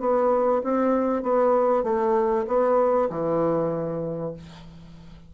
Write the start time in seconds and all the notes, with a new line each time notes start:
0.00 B3
0.63 C4
1.23 B3
1.84 A3
2.47 B3
3.10 E3